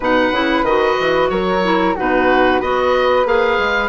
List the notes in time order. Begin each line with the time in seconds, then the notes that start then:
0.00 B2 D#4 B4 F#5
0.32 C#3 E4
0.62 D#3 F#4 D#5
0.99 E3
1.29 F#3 A#4 C#5
1.62 E4
1.95 B2 D#4 F#4 B4
2.60 B3 F#4 B4 D#5
3.24 A#3 G#4 F5
3.58 G#3